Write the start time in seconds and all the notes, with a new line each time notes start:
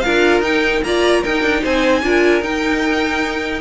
0.00 D4 F4 A#4 F5
0.40 D#4 G5
0.83 A#3 F4 D5 A#5
1.21 D#4 A#4 G5
1.42 D4
1.62 C4 C5 G#5
2.02 D4 F4 A#4
2.41 D#4 G5